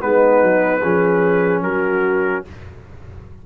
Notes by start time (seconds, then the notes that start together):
0.00 G#3 B3 D#4 B4
0.43 F#3
0.81 F3 C#4 G#4
1.62 F#3 F#4 A#4